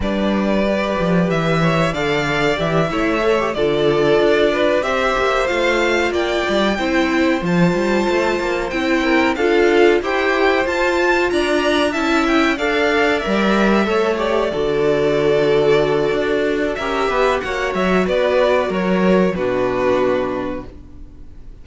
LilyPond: <<
  \new Staff \with { instrumentName = "violin" } { \time 4/4 \tempo 4 = 93 d''2 e''4 f''4 | e''4. d''2 e''8~ | e''8 f''4 g''2 a''8~ | a''4. g''4 f''4 g''8~ |
g''8 a''4 ais''4 a''8 g''8 f''8~ | f''8 e''4. d''2~ | d''2 e''4 fis''8 e''8 | d''4 cis''4 b'2 | }
  \new Staff \with { instrumentName = "violin" } { \time 4/4 b'2~ b'8 cis''8 d''4~ | d''8 cis''4 a'4. b'8 c''8~ | c''4. d''4 c''4.~ | c''2 ais'8 a'4 c''8~ |
c''4. d''4 e''4 d''8~ | d''4. cis''4 a'4.~ | a'2 ais'8 b'8 cis''4 | b'4 ais'4 fis'2 | }
  \new Staff \with { instrumentName = "viola" } { \time 4/4 d'4 g'2 a'4 | g'8 e'8 a'16 g'16 f'2 g'8~ | g'8 f'2 e'4 f'8~ | f'4. e'4 f'4 g'8~ |
g'8 f'2 e'4 a'8~ | a'8 ais'4 a'8 g'8 fis'4.~ | fis'2 g'4 fis'4~ | fis'2 d'2 | }
  \new Staff \with { instrumentName = "cello" } { \time 4/4 g4. f8 e4 d4 | e8 a4 d4 d'4 c'8 | ais8 a4 ais8 g8 c'4 f8 | g8 a8 ais8 c'4 d'4 e'8~ |
e'8 f'4 d'4 cis'4 d'8~ | d'8 g4 a4 d4.~ | d4 d'4 cis'8 b8 ais8 fis8 | b4 fis4 b,2 | }
>>